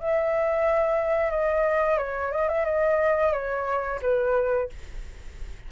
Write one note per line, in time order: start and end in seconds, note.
0.00 1.31 E5
1.31 1.98 D#5
1.98 2.32 C#5
2.32 2.49 D#5
2.49 2.65 E5
2.65 3.32 D#5
3.32 4.00 C#5
4.02 4.69 B4